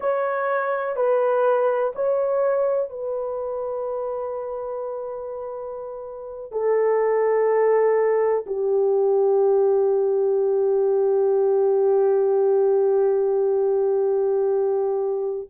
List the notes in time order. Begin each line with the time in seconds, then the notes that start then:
0.00 C#5
0.95 B4
1.95 C#5
2.89 B4
6.51 A4
8.46 G4